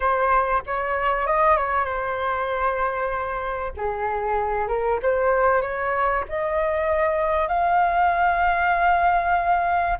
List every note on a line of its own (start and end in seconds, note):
0.00 0.62 C5
0.66 1.26 C#5
1.26 1.57 D#5
1.57 1.84 C#5
1.84 3.72 C5
3.76 4.67 G#4
4.67 4.99 A#4
5.02 5.61 C5
5.61 6.24 C#5
6.28 7.48 D#5
7.48 9.98 F5